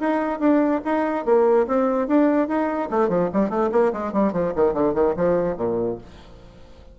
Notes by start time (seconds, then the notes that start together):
0.00 D#4
0.40 D4
0.85 D#4
1.25 A#3
1.67 C4
2.08 D4
2.48 D#4
2.90 A3
3.09 F3
3.33 G3
3.50 A3
3.72 A#3
3.93 G#3
4.13 G3
4.33 F3
4.56 D#3
4.74 D3
4.94 D#3
5.16 F3
5.57 A#2